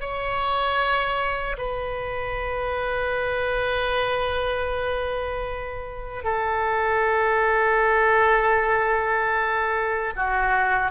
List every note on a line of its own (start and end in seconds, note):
0.00 1.56 C#5
1.57 6.23 B4
6.23 10.13 A4
10.15 10.91 F#4